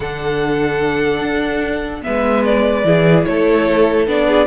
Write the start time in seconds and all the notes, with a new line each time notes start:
0.00 D3 D4 A4 F#5
1.20 D4
2.02 G#3 B3 B4 E5
2.45 D5
2.84 E3 E4 G#4
3.24 A3 A4 C#5
4.07 B3 D4 D5
4.27 G#4